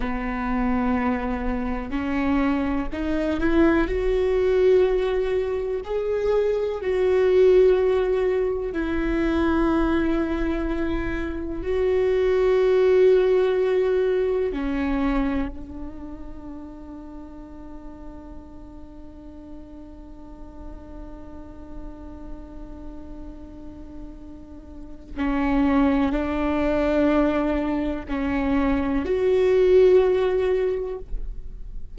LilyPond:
\new Staff \with { instrumentName = "viola" } { \time 4/4 \tempo 4 = 62 b2 cis'4 dis'8 e'8 | fis'2 gis'4 fis'4~ | fis'4 e'2. | fis'2. cis'4 |
d'1~ | d'1~ | d'2 cis'4 d'4~ | d'4 cis'4 fis'2 | }